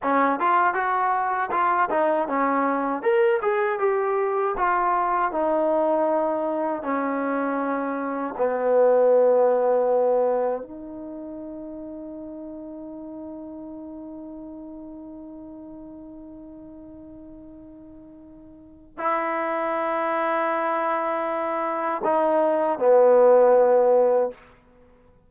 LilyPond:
\new Staff \with { instrumentName = "trombone" } { \time 4/4 \tempo 4 = 79 cis'8 f'8 fis'4 f'8 dis'8 cis'4 | ais'8 gis'8 g'4 f'4 dis'4~ | dis'4 cis'2 b4~ | b2 dis'2~ |
dis'1~ | dis'1~ | dis'4 e'2.~ | e'4 dis'4 b2 | }